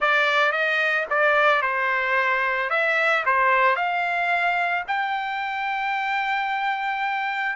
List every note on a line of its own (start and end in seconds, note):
0.00 0.51 D5
0.51 1.05 D#5
1.10 1.61 D5
1.61 2.70 C5
2.70 3.24 E5
3.25 3.75 C5
3.75 4.84 F5
4.87 7.56 G5